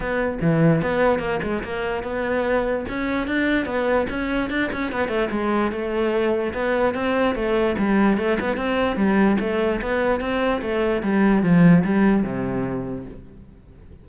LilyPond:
\new Staff \with { instrumentName = "cello" } { \time 4/4 \tempo 4 = 147 b4 e4 b4 ais8 gis8 | ais4 b2 cis'4 | d'4 b4 cis'4 d'8 cis'8 | b8 a8 gis4 a2 |
b4 c'4 a4 g4 | a8 b8 c'4 g4 a4 | b4 c'4 a4 g4 | f4 g4 c2 | }